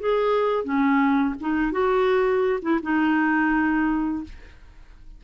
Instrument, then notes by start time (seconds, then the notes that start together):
clarinet
0.00 G#4
0.64 C#4
1.41 D#4
1.72 F#4
2.62 E4
2.83 D#4